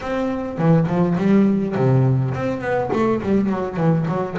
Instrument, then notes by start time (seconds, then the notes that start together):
double bass
0.00 C4
0.58 E3
0.87 F3
1.17 G3
1.75 C3
2.34 C4
2.61 B3
2.93 A3
3.23 G3
3.49 F#3
3.77 E3
4.08 F#3